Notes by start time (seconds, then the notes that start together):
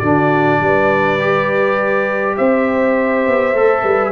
0.00 D3 D4 F#4 D5
0.61 G3 B4
1.19 G4
2.37 C4 C5 E5
3.28 B3
3.54 A3 A4
3.83 G3 B4